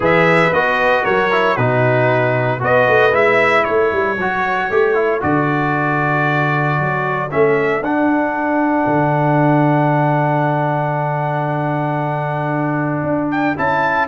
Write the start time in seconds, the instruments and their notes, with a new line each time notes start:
0.00 tuba E3, trombone G#4, horn B4, trumpet E5
0.52 tuba B3, trombone F#4, trumpet D#5
1.04 tuba F#3, horn A#4, trumpet C#5
1.31 trombone E4
1.55 tuba B2, trombone D#4, horn F#4, trumpet B4
2.59 tuba B3, trombone F#4, horn B4, trumpet D#5
2.88 tuba A3
3.11 tuba G#3, trombone E4, trumpet E5
3.63 tuba A3, horn A4, trumpet C#5
3.92 tuba G3
4.17 tuba F#3, trombone F#4
4.70 tuba A3, trombone G4
4.94 trombone E4
5.20 tuba D3, trombone F#4, trumpet D5
6.79 tuba F#3
7.30 tuba A3, trombone C#4, trumpet E5
7.81 tuba D4, trombone D4, trumpet F#5
8.86 tuba D3
13.02 tuba D4
13.31 trumpet G5
13.57 tuba C#4, trombone E4, trumpet A5